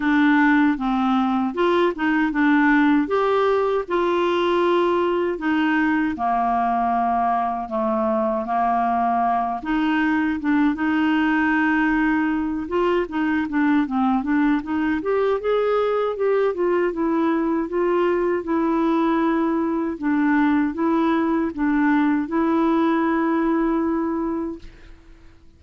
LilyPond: \new Staff \with { instrumentName = "clarinet" } { \time 4/4 \tempo 4 = 78 d'4 c'4 f'8 dis'8 d'4 | g'4 f'2 dis'4 | ais2 a4 ais4~ | ais8 dis'4 d'8 dis'2~ |
dis'8 f'8 dis'8 d'8 c'8 d'8 dis'8 g'8 | gis'4 g'8 f'8 e'4 f'4 | e'2 d'4 e'4 | d'4 e'2. | }